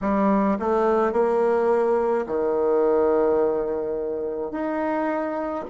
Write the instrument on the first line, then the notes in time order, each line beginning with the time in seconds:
bassoon
0.01 G3
0.59 A3
1.12 A#3
2.26 D#3
4.51 D#4